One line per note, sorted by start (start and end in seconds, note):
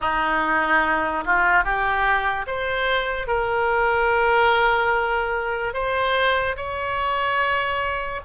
0.00 1.24 D#4
1.25 1.64 F4
1.64 2.46 G4
2.47 3.27 C5
3.27 5.73 A#4
5.73 6.55 C5
6.56 8.20 C#5